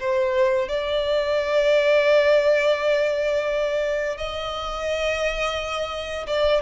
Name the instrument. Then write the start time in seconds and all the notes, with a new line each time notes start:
violin
0.00 C5
0.68 D5
4.17 D#5
6.27 D5